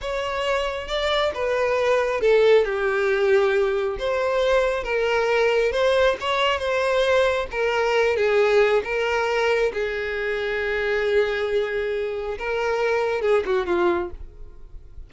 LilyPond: \new Staff \with { instrumentName = "violin" } { \time 4/4 \tempo 4 = 136 cis''2 d''4 b'4~ | b'4 a'4 g'2~ | g'4 c''2 ais'4~ | ais'4 c''4 cis''4 c''4~ |
c''4 ais'4. gis'4. | ais'2 gis'2~ | gis'1 | ais'2 gis'8 fis'8 f'4 | }